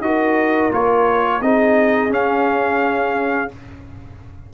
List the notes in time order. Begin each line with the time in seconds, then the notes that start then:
0.00 D#4 F#4 A#4 D#5
0.71 A#3 F4 C#5
1.41 C4 D#4 G#4 D#5
2.09 C#4 F5